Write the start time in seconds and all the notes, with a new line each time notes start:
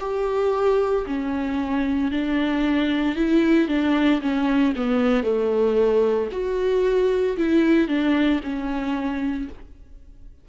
0.00 G4
1.07 C#4
2.11 D4
3.16 E4
3.68 D4
4.21 C#4
4.76 B3
5.23 A3
6.32 F#4
7.37 E4
7.88 D4
8.43 C#4